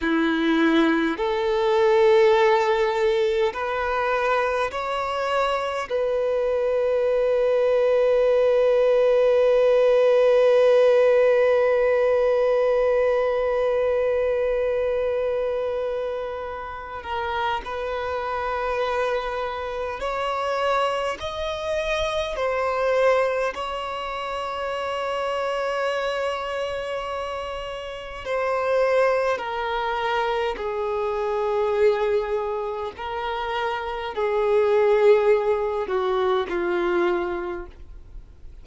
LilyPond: \new Staff \with { instrumentName = "violin" } { \time 4/4 \tempo 4 = 51 e'4 a'2 b'4 | cis''4 b'2.~ | b'1~ | b'2~ b'8 ais'8 b'4~ |
b'4 cis''4 dis''4 c''4 | cis''1 | c''4 ais'4 gis'2 | ais'4 gis'4. fis'8 f'4 | }